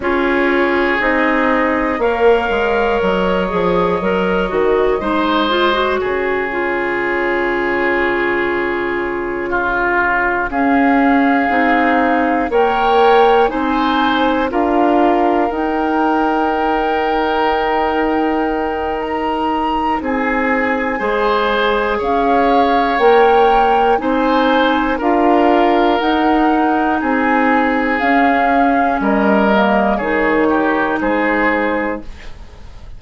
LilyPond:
<<
  \new Staff \with { instrumentName = "flute" } { \time 4/4 \tempo 4 = 60 cis''4 dis''4 f''4 dis''4~ | dis''2 cis''2~ | cis''2~ cis''8 f''4.~ | f''8 g''4 gis''4 f''4 g''8~ |
g''2. ais''4 | gis''2 f''4 g''4 | gis''4 f''4 fis''4 gis''4 | f''4 dis''4 cis''4 c''4 | }
  \new Staff \with { instrumentName = "oboe" } { \time 4/4 gis'2 cis''2~ | cis''4 c''4 gis'2~ | gis'4. f'4 gis'4.~ | gis'8 cis''4 c''4 ais'4.~ |
ais'1 | gis'4 c''4 cis''2 | c''4 ais'2 gis'4~ | gis'4 ais'4 gis'8 g'8 gis'4 | }
  \new Staff \with { instrumentName = "clarinet" } { \time 4/4 f'4 dis'4 ais'4. gis'8 | ais'8 fis'8 dis'8 f'16 fis'8. f'4.~ | f'2~ f'8 cis'4 dis'8~ | dis'8 ais'4 dis'4 f'4 dis'8~ |
dis'1~ | dis'4 gis'2 ais'4 | dis'4 f'4 dis'2 | cis'4. ais8 dis'2 | }
  \new Staff \with { instrumentName = "bassoon" } { \time 4/4 cis'4 c'4 ais8 gis8 fis8 f8 | fis8 dis8 gis4 cis2~ | cis2~ cis8 cis'4 c'8~ | c'8 ais4 c'4 d'4 dis'8~ |
dis'1 | c'4 gis4 cis'4 ais4 | c'4 d'4 dis'4 c'4 | cis'4 g4 dis4 gis4 | }
>>